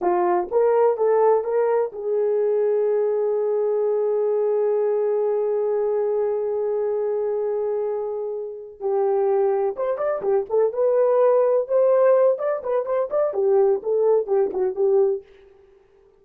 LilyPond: \new Staff \with { instrumentName = "horn" } { \time 4/4 \tempo 4 = 126 f'4 ais'4 a'4 ais'4 | gis'1~ | gis'1~ | gis'1~ |
gis'2~ gis'8 g'4.~ | g'8 c''8 d''8 g'8 a'8 b'4.~ | b'8 c''4. d''8 b'8 c''8 d''8 | g'4 a'4 g'8 fis'8 g'4 | }